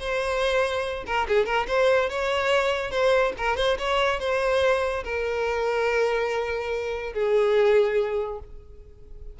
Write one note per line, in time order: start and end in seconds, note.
0.00 1.05 C5
1.07 1.28 A#4
1.28 1.46 G#4
1.46 1.67 A#4
1.68 2.10 C5
2.10 2.91 C#5
2.91 3.33 C5
3.38 3.57 A#4
3.57 3.78 C5
3.79 4.20 C#5
4.20 5.04 C5
5.04 7.14 A#4
7.14 8.40 G#4